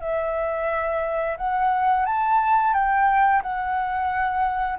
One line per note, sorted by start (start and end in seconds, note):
0.00 1.36 E5
1.37 2.05 F#5
2.05 2.74 A5
2.74 3.42 G5
3.42 4.79 F#5